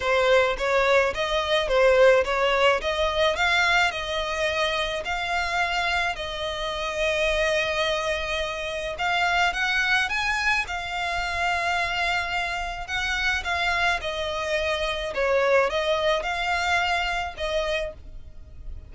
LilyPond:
\new Staff \with { instrumentName = "violin" } { \time 4/4 \tempo 4 = 107 c''4 cis''4 dis''4 c''4 | cis''4 dis''4 f''4 dis''4~ | dis''4 f''2 dis''4~ | dis''1 |
f''4 fis''4 gis''4 f''4~ | f''2. fis''4 | f''4 dis''2 cis''4 | dis''4 f''2 dis''4 | }